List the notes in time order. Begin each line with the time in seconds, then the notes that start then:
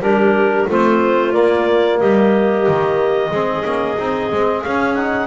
0.00 G3 D4 G4 A#4
0.69 A3 C4 F4 C5
1.33 A#3 D5
1.99 G3 G4 D#5
2.68 D#3
3.31 G#3 C4 G#4
3.65 A#3 C#4
3.98 C4 D#4
4.32 G#3 C4
4.62 C#4 F5
4.95 D#4 F#5